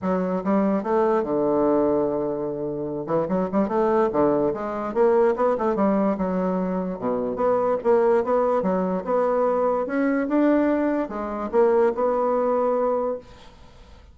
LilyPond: \new Staff \with { instrumentName = "bassoon" } { \time 4/4 \tempo 4 = 146 fis4 g4 a4 d4~ | d2.~ d8 e8 | fis8 g8 a4 d4 gis4 | ais4 b8 a8 g4 fis4~ |
fis4 b,4 b4 ais4 | b4 fis4 b2 | cis'4 d'2 gis4 | ais4 b2. | }